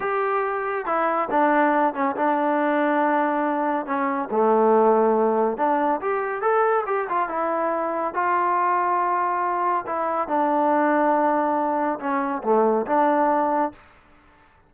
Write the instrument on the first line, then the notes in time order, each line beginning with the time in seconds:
trombone
0.00 G4
0.85 E4
1.31 D4
1.94 C#4
2.15 D4
3.86 C#4
4.31 A3
5.57 D4
6.01 G4
6.41 A4
6.86 G4
7.09 F4
7.29 E4
8.14 F4
9.86 E4
10.28 D4
11.99 C#4
12.43 A3
12.86 D4